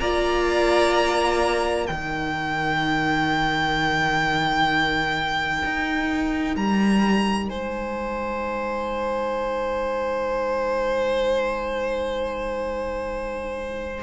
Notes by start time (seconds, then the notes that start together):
0.00 A#3 F4 D5 A#5
1.85 D#3 D#4 A#4 G5
5.64 D#4
6.56 G3 A#5
7.49 G#3 C5 G#5